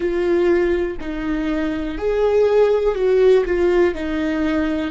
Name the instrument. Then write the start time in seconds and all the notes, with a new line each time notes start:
viola
0.00 F4
1.00 D#4
1.98 G#4
2.95 F#4
3.45 F4
3.94 D#4